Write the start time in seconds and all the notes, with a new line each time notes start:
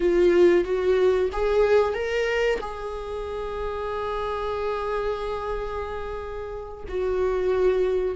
0.00 F4
0.64 F#4
1.32 G#4
1.94 A#4
2.60 G#4
6.88 F#4